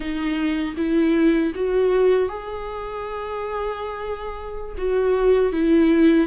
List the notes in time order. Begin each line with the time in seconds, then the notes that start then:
0.00 D#4
0.76 E4
1.55 F#4
2.28 G#4
4.77 F#4
5.52 E4